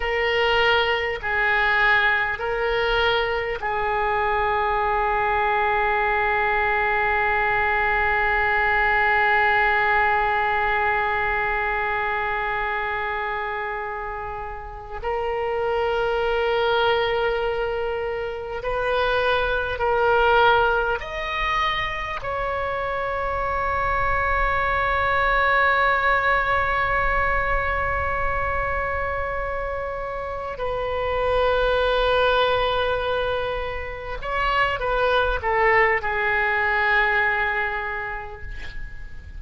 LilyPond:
\new Staff \with { instrumentName = "oboe" } { \time 4/4 \tempo 4 = 50 ais'4 gis'4 ais'4 gis'4~ | gis'1~ | gis'1~ | gis'8 ais'2. b'8~ |
b'8 ais'4 dis''4 cis''4.~ | cis''1~ | cis''4. b'2~ b'8~ | b'8 cis''8 b'8 a'8 gis'2 | }